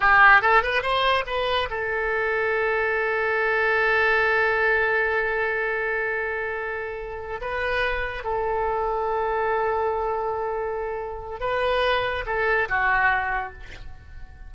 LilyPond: \new Staff \with { instrumentName = "oboe" } { \time 4/4 \tempo 4 = 142 g'4 a'8 b'8 c''4 b'4 | a'1~ | a'1~ | a'1~ |
a'4. b'2 a'8~ | a'1~ | a'2. b'4~ | b'4 a'4 fis'2 | }